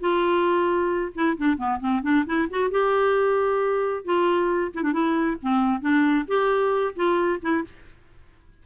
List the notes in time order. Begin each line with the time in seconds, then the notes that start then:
0.00 F4
1.15 E4
1.37 D4
1.57 B3
1.80 C4
2.02 D4
2.26 E4
2.49 F#4
2.70 G4
4.04 F4
4.74 E4
4.82 D4
4.92 E4
5.41 C4
5.80 D4
6.27 G4
6.95 F4
7.42 E4